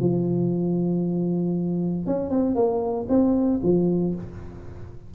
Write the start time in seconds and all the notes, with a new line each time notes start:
0.00 F3
2.06 C#4
2.30 C4
2.56 A#3
3.09 C4
3.63 F3